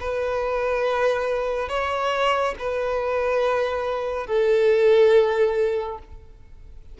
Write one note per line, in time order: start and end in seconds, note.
0.00 1.69 B4
1.69 2.54 C#5
2.59 4.27 B4
4.27 5.98 A4